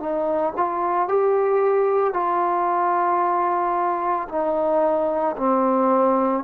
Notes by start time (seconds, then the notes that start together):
0.00 D#4
0.57 F4
1.09 G4
2.13 F4
4.29 D#4
5.37 C4